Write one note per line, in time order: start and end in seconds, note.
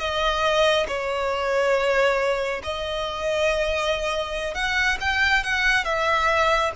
0.00 0.87 D#5
0.88 2.62 C#5
2.64 4.55 D#5
4.55 4.98 F#5
5.01 5.44 G5
5.44 5.85 F#5
5.85 6.72 E5